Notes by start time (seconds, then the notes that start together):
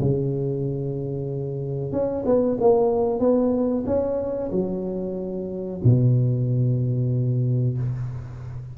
0.00 C#3
1.92 C#4
2.26 B3
2.61 A#3
3.20 B3
3.87 C#4
4.52 F#3
5.84 B2